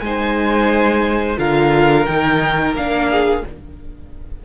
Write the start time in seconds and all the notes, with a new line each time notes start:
0.00 G#3 D#4 C5 G#5
1.37 D3 F4 A#4 F5
2.06 D#3 D#4 G5
2.75 A#3 D4 F5
3.11 G#4